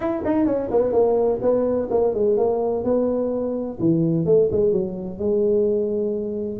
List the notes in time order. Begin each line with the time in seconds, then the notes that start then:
0.00 E4
0.24 D#4
0.46 C#4
0.70 B3
0.92 A#3
1.41 B3
1.90 A#3
2.14 G#3
2.37 A#3
2.83 B3
3.79 E3
4.25 A3
4.51 G#3
4.72 F#3
5.18 G#3